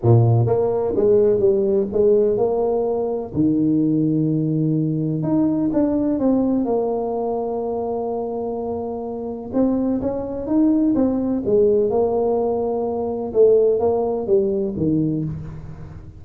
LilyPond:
\new Staff \with { instrumentName = "tuba" } { \time 4/4 \tempo 4 = 126 ais,4 ais4 gis4 g4 | gis4 ais2 dis4~ | dis2. dis'4 | d'4 c'4 ais2~ |
ais1 | c'4 cis'4 dis'4 c'4 | gis4 ais2. | a4 ais4 g4 dis4 | }